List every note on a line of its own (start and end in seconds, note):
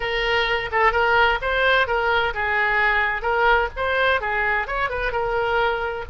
0.00 0.70 A#4
0.71 0.92 A4
0.92 1.38 A#4
1.41 1.87 C5
1.87 2.33 A#4
2.33 3.22 G#4
3.22 3.68 A#4
3.76 4.20 C5
4.20 4.67 G#4
4.67 4.89 C#5
4.89 5.12 B4
5.12 6.05 A#4